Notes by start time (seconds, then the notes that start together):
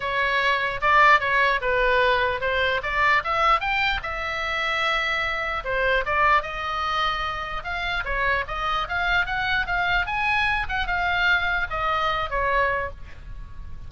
0.00 C#5
0.81 D5
1.20 C#5
1.61 B4
2.40 C5
2.82 D5
3.23 E5
3.60 G5
4.02 E5
5.64 C5
6.05 D5
6.42 D#5
7.63 F5
8.04 C#5
8.47 D#5
8.88 F5
9.26 F#5
9.66 F5
10.06 G#5
10.68 F#5
10.86 F5
11.70 D#5
12.30 C#5